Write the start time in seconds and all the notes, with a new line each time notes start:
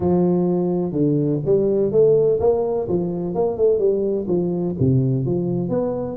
0.00 F3
0.92 D3
1.45 G3
1.91 A3
2.40 A#3
2.88 F3
3.34 A#3
3.57 A3
3.79 G3
4.27 F3
4.79 C3
5.25 F3
5.69 B3